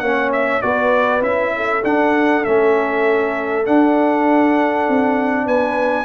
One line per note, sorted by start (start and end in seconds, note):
0.00 0.62 A#3
0.00 0.62 C#4
0.00 0.63 C#5
0.00 0.30 F#5
0.33 0.62 E5
0.62 1.22 B3
0.62 1.22 F#4
0.62 1.55 B4
0.62 1.22 D5
1.22 1.83 C#4
1.22 1.82 E4
1.22 1.84 E5
1.57 5.46 A4
1.84 2.45 D4
1.84 2.45 F#5
2.45 3.68 A3
2.45 3.65 C#4
2.45 3.66 E5
3.65 6.05 D4
3.65 4.89 D4
3.65 5.48 F#5
4.89 5.47 C4
5.46 6.05 B3
5.46 6.05 B4
5.46 6.05 G#5